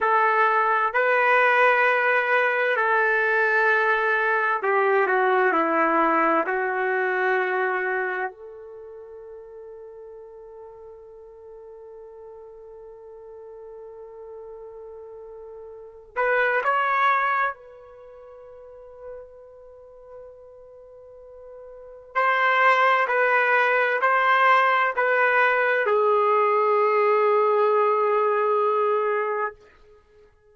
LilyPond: \new Staff \with { instrumentName = "trumpet" } { \time 4/4 \tempo 4 = 65 a'4 b'2 a'4~ | a'4 g'8 fis'8 e'4 fis'4~ | fis'4 a'2.~ | a'1~ |
a'4. b'8 cis''4 b'4~ | b'1 | c''4 b'4 c''4 b'4 | gis'1 | }